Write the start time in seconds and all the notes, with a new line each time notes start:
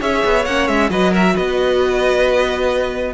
0.00 C#4 G#4 C#5 E5
0.25 B3
0.45 A#3 C#4 F#5
0.67 G#3 E5
0.90 F#3 F#4 B4 D#5
1.11 A#4 E5
1.34 B3 B4 D#5